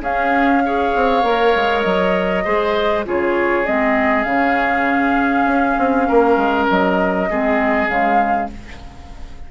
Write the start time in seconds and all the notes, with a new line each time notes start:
0.00 C#4 G#4 F5
0.64 G#4 C#5
0.95 C4
1.22 A#3 A#4
1.55 G#3
1.82 F#3 D#5
2.44 G#3 G#4 C5
3.05 C#3 F4 G#4 C#5
3.64 G#3 C4 D#5
4.23 C#3 C#4 F5
5.45 C#4
5.78 C4
6.08 A#3 A#4
6.36 G#3
6.70 F#3 D#5
7.29 G#3 C4 G#4
7.87 C#3 G#3 F5